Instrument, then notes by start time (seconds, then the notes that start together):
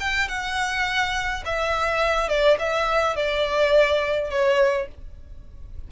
violin
0.00 G5
0.28 F#5
1.46 E5
2.29 D5
2.59 E5
3.16 D5
4.31 C#5